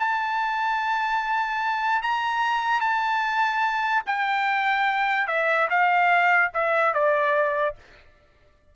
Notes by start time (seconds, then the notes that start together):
0.00 A5
2.03 A#5
2.81 A5
4.07 G5
5.28 E5
5.71 F5
6.54 E5
6.94 D5